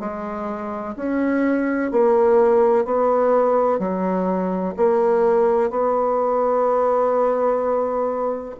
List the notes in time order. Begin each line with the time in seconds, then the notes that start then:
0.00 G#3
0.97 C#4
1.92 A#3
2.85 B3
3.80 F#3
4.77 A#3
5.71 B3